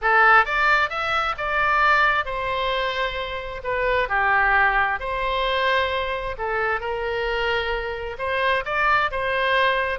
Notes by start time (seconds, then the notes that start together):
0.01 A4
0.45 D5
0.89 E5
1.37 D5
2.25 C5
3.63 B4
4.08 G4
4.99 C5
6.38 A4
6.80 A#4
8.18 C5
8.65 D5
9.11 C5